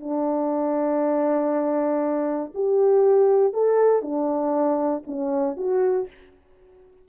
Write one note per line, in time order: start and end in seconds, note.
0.00 2.52 D4
2.54 3.53 G4
3.53 4.02 A4
4.02 5.03 D4
5.06 5.57 C#4
5.57 6.07 F#4